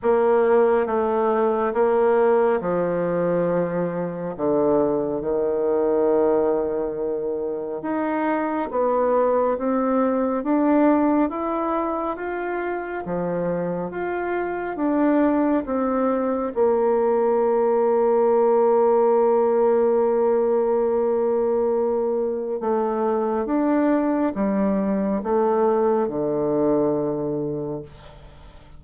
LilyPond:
\new Staff \with { instrumentName = "bassoon" } { \time 4/4 \tempo 4 = 69 ais4 a4 ais4 f4~ | f4 d4 dis2~ | dis4 dis'4 b4 c'4 | d'4 e'4 f'4 f4 |
f'4 d'4 c'4 ais4~ | ais1~ | ais2 a4 d'4 | g4 a4 d2 | }